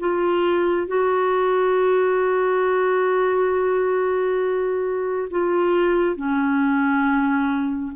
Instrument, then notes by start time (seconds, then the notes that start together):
clarinet
0.00 F4
0.87 F#4
5.31 F4
6.16 C#4